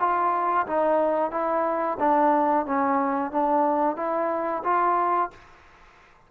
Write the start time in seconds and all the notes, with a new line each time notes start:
0.00 F4
0.67 D#4
1.32 E4
2.00 D4
2.66 C#4
3.32 D4
3.97 E4
4.64 F4